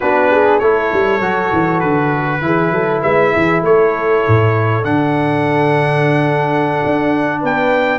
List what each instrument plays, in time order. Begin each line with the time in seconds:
0.00 tuba B3, trombone D4, horn F#4, trumpet B4
0.30 horn G#4
0.59 tuba A3, trombone E4, horn A4, trumpet C#5
0.92 tuba G3
1.20 tuba F#3, trombone F#4
1.52 tuba E3
1.79 tuba D3, trumpet B4
2.41 tuba E3, trombone E4, horn G#4
2.71 tuba F#3, horn A4
3.02 tuba G#3, horn B4, trumpet E5
3.33 tuba E3, horn G#4
3.61 tuba A3, horn A4, trumpet C#5
4.27 tuba A2
4.83 tuba D3, trombone D4, trumpet F#5
6.85 tuba D4
7.40 tuba B3, horn B4, trumpet G5